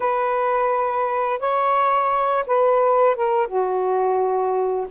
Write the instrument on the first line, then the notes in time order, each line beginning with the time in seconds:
saxophone
0.00 B4
1.39 C#5
2.46 B4
3.15 A#4
3.47 F#4